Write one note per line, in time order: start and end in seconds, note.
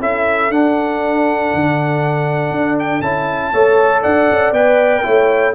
0.00 0.50 C#4
0.00 0.51 E4
0.00 3.52 A4
0.00 0.52 E5
0.50 1.51 D4
0.50 3.03 D4
0.50 2.79 F#5
1.54 2.51 D3
2.51 3.01 D4
2.79 3.02 G5
3.02 3.52 C#4
3.02 3.53 E4
3.02 4.02 A5
3.52 4.04 A3
3.52 4.54 A4
3.52 4.02 C#5
4.03 4.31 D4
4.03 5.03 D5
4.03 4.53 F#5
4.31 4.52 C#4
4.52 5.02 B3
4.52 5.03 B4
4.52 5.55 G5
5.03 5.55 A3
5.03 5.53 E4
5.03 5.54 C#5